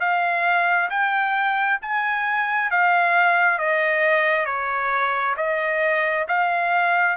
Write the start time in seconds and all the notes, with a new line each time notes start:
0.00 F5
0.90 G5
1.82 G#5
2.71 F5
3.58 D#5
4.46 C#5
5.37 D#5
6.28 F5